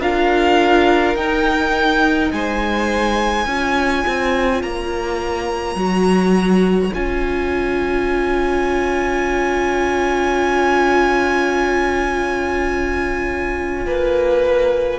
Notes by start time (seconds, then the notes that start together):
0.00 D4 F4 A#4 F5
1.15 D#4 G5
2.32 G#3 C5 G#5
3.46 C#4 F4 C#5
4.07 C4
4.63 A#3 A#5
5.76 F#3 F#4
6.94 C#4 F4 G#5
13.86 A#3 B4